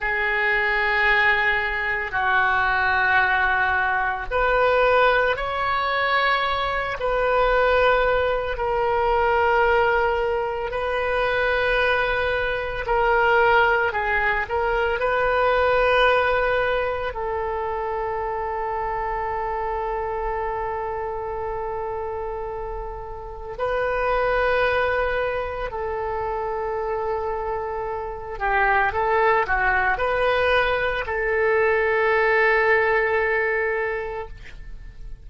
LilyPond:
\new Staff \with { instrumentName = "oboe" } { \time 4/4 \tempo 4 = 56 gis'2 fis'2 | b'4 cis''4. b'4. | ais'2 b'2 | ais'4 gis'8 ais'8 b'2 |
a'1~ | a'2 b'2 | a'2~ a'8 g'8 a'8 fis'8 | b'4 a'2. | }